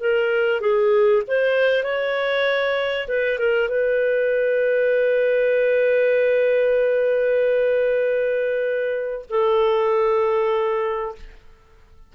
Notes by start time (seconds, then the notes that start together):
0.00 A#4
0.61 G#4
1.27 C5
1.84 C#5
3.08 B4
3.39 A#4
3.69 B4
9.30 A4